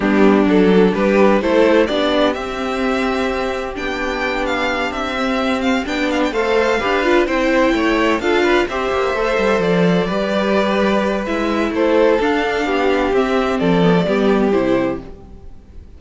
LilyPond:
<<
  \new Staff \with { instrumentName = "violin" } { \time 4/4 \tempo 4 = 128 g'4 a'4 b'4 c''4 | d''4 e''2. | g''4. f''4 e''4. | f''8 g''8 f''16 g''16 f''2 g''8~ |
g''4. f''4 e''4.~ | e''8 d''2.~ d''8 | e''4 c''4 f''2 | e''4 d''2 c''4 | }
  \new Staff \with { instrumentName = "violin" } { \time 4/4 d'2 g'4 a'4 | g'1~ | g'1~ | g'4. c''4 b'4 c''8~ |
c''8 cis''4 a'8 b'8 c''4.~ | c''4. b'2~ b'8~ | b'4 a'2 g'4~ | g'4 a'4 g'2 | }
  \new Staff \with { instrumentName = "viola" } { \time 4/4 b4 d'2 e'4 | d'4 c'2. | d'2. c'4~ | c'8 d'4 a'4 g'8 f'8 e'8~ |
e'4. f'4 g'4 a'8~ | a'4. g'2~ g'8 | e'2 d'2 | c'4. b16 a16 b4 e'4 | }
  \new Staff \with { instrumentName = "cello" } { \time 4/4 g4 fis4 g4 a4 | b4 c'2. | b2~ b8 c'4.~ | c'8 b4 a4 d'4 c'8~ |
c'8 a4 d'4 c'8 ais8 a8 | g8 f4 g2~ g8 | gis4 a4 d'4 b4 | c'4 f4 g4 c4 | }
>>